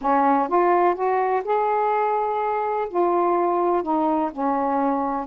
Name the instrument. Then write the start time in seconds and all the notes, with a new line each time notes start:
saxophone
0.01 C#4
0.48 F4
0.94 F#4
1.44 G#4
2.89 F4
3.82 D#4
4.32 C#4